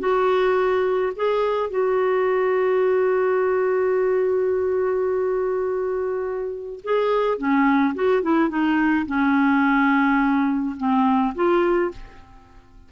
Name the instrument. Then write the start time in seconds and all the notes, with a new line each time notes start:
clarinet
0.00 F#4
1.16 G#4
1.71 F#4
6.84 G#4
7.38 C#4
7.95 F#4
8.23 E4
8.50 D#4
9.07 C#4
10.78 C4
11.35 F4